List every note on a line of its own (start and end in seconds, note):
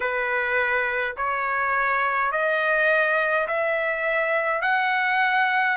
0.00 1.15 B4
1.16 2.31 C#5
2.31 3.47 D#5
3.47 4.61 E5
4.61 5.76 F#5